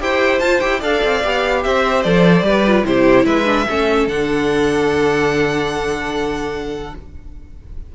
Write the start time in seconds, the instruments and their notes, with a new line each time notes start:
0.00 cello E4, viola G4, violin C5 G5
0.40 cello F4, viola F4, violin A5
0.61 cello E4, viola G4, violin G5
0.80 cello D4, viola A4, violin D5 F5
1.04 cello C4
1.24 cello B3, viola G4
1.64 cello C4, violin C5 E5
2.03 cello F3, viola A4, violin D5
2.42 cello G3, viola G4, violin B4
2.67 viola F4
2.85 cello C3, viola E4, violin G4 C5
3.26 cello G#3, violin B4 E5
3.46 viola D4
3.69 cello A3, viola C#4, violin A4
4.08 cello D3, viola D4, violin F#5